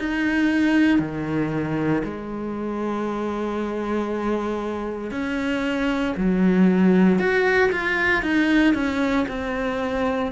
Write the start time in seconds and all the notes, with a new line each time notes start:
0.00 D#4
1.00 D#3
2.05 G#3
5.12 C#4
6.18 F#3
7.19 F#4
7.72 F4
8.23 D#4
8.75 C#4
9.29 C4